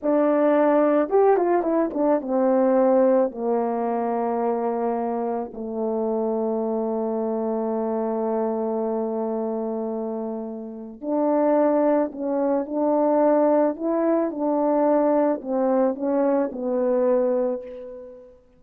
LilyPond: \new Staff \with { instrumentName = "horn" } { \time 4/4 \tempo 4 = 109 d'2 g'8 f'8 e'8 d'8 | c'2 ais2~ | ais2 a2~ | a1~ |
a1 | d'2 cis'4 d'4~ | d'4 e'4 d'2 | c'4 cis'4 b2 | }